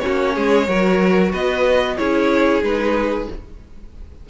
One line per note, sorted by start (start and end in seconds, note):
0.00 0.66 C#4
0.00 0.35 F#4
0.00 1.30 C#5
0.07 0.37 A#3
0.35 0.68 G#3
0.35 0.68 G#4
0.68 1.33 F#3
0.68 1.98 F#4
0.68 1.32 A#4
1.32 1.99 B3
1.32 1.97 B4
1.32 1.98 D#5
1.98 2.63 C#4
1.98 2.63 E4
1.98 3.30 G#4
1.98 2.63 C#5
2.63 3.28 G#3
2.63 3.29 D#4
2.63 3.29 B4